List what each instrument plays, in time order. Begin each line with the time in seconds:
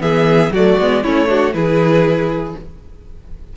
0.00 cello E3, viola B3, violin G#4 E5
0.51 cello F#3, viola A3, violin F#4 D5
0.78 cello G#3, viola B3
1.03 cello A3, viola C#4, violin E4 C#5
1.27 viola D4, violin F#4
1.53 cello E3, viola E4, violin G#4 B4